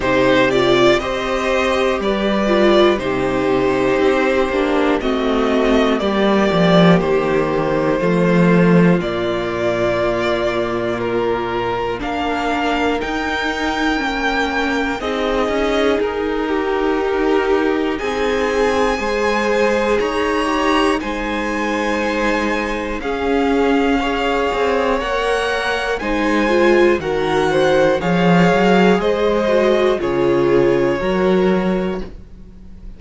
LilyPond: <<
  \new Staff \with { instrumentName = "violin" } { \time 4/4 \tempo 4 = 60 c''8 d''8 dis''4 d''4 c''4~ | c''4 dis''4 d''4 c''4~ | c''4 d''2 ais'4 | f''4 g''2 dis''4 |
ais'2 gis''2 | ais''4 gis''2 f''4~ | f''4 fis''4 gis''4 fis''4 | f''4 dis''4 cis''2 | }
  \new Staff \with { instrumentName = "violin" } { \time 4/4 g'4 c''4 b'4 g'4~ | g'4 fis'4 g'2 | f'1 | ais'2. gis'4~ |
gis'8 g'4. gis'4 c''4 | cis''4 c''2 gis'4 | cis''2 c''4 ais'8 c''8 | cis''4 c''4 gis'4 ais'4 | }
  \new Staff \with { instrumentName = "viola" } { \time 4/4 dis'8 f'8 g'4. f'8 dis'4~ | dis'8 d'8 c'4 ais2 | a4 ais2. | d'4 dis'4 cis'4 dis'4~ |
dis'2. gis'4~ | gis'8 g'8 dis'2 cis'4 | gis'4 ais'4 dis'8 f'8 fis'4 | gis'4. fis'8 f'4 fis'4 | }
  \new Staff \with { instrumentName = "cello" } { \time 4/4 c4 c'4 g4 c4 | c'8 ais8 a4 g8 f8 dis4 | f4 ais,2. | ais4 dis'4 ais4 c'8 cis'8 |
dis'2 c'4 gis4 | dis'4 gis2 cis'4~ | cis'8 c'8 ais4 gis4 dis4 | f8 fis8 gis4 cis4 fis4 | }
>>